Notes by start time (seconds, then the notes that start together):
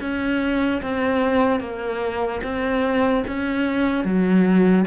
0.00 C#4
0.81 C4
1.60 A#3
2.43 C4
3.27 C#4
4.04 F#3